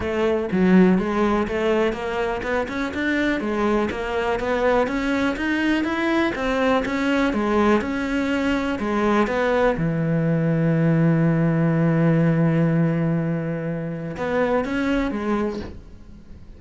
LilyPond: \new Staff \with { instrumentName = "cello" } { \time 4/4 \tempo 4 = 123 a4 fis4 gis4 a4 | ais4 b8 cis'8 d'4 gis4 | ais4 b4 cis'4 dis'4 | e'4 c'4 cis'4 gis4 |
cis'2 gis4 b4 | e1~ | e1~ | e4 b4 cis'4 gis4 | }